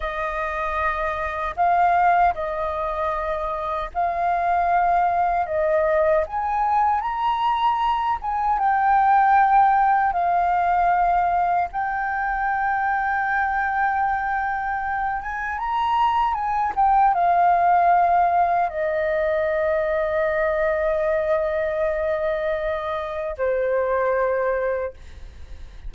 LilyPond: \new Staff \with { instrumentName = "flute" } { \time 4/4 \tempo 4 = 77 dis''2 f''4 dis''4~ | dis''4 f''2 dis''4 | gis''4 ais''4. gis''8 g''4~ | g''4 f''2 g''4~ |
g''2.~ g''8 gis''8 | ais''4 gis''8 g''8 f''2 | dis''1~ | dis''2 c''2 | }